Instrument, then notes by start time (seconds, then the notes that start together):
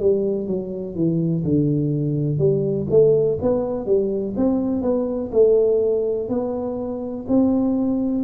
tuba
0.00 G3
0.47 F#3
0.95 E3
1.44 D3
2.39 G3
2.91 A3
3.42 B3
3.87 G3
4.37 C4
4.83 B3
5.32 A3
6.29 B3
7.28 C4